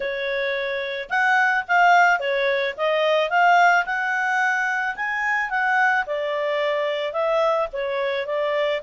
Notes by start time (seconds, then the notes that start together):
0.00 C#5
1.09 F#5
1.68 F5
2.19 C#5
2.77 D#5
3.30 F5
3.85 F#5
4.96 G#5
5.50 F#5
6.06 D5
7.12 E5
7.72 C#5
8.26 D5